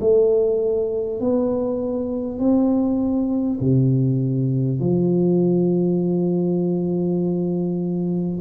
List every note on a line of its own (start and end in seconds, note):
0.00 1.20 A3
1.21 2.39 B3
2.39 3.59 C4
3.61 4.80 C3
4.80 8.40 F3